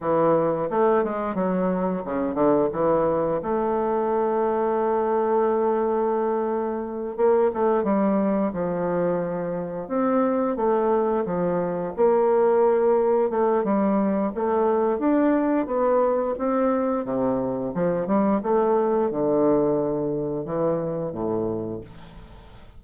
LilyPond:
\new Staff \with { instrumentName = "bassoon" } { \time 4/4 \tempo 4 = 88 e4 a8 gis8 fis4 cis8 d8 | e4 a2.~ | a2~ a8 ais8 a8 g8~ | g8 f2 c'4 a8~ |
a8 f4 ais2 a8 | g4 a4 d'4 b4 | c'4 c4 f8 g8 a4 | d2 e4 a,4 | }